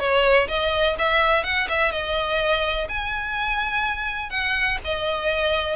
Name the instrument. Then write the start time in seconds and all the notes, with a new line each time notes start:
violin
0.00 C#5
0.48 D#5
0.99 E5
1.44 F#5
1.69 E5
1.92 D#5
2.89 G#5
4.31 F#5
4.85 D#5